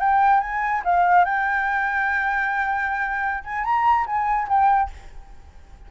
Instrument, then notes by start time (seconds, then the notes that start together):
flute
0.00 G5
0.41 G#5
0.85 F5
1.25 G5
3.44 G#5
3.65 A#5
4.07 G#5
4.49 G5